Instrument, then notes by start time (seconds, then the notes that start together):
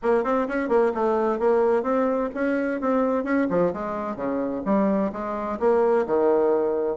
bassoon
0.02 A#3
0.23 C4
0.48 C#4
0.68 A#3
0.94 A3
1.39 A#3
1.83 C4
2.34 C#4
2.80 C4
3.24 C#4
3.49 F3
3.73 G#3
4.16 C#3
4.65 G3
5.12 G#3
5.59 A#3
6.06 D#3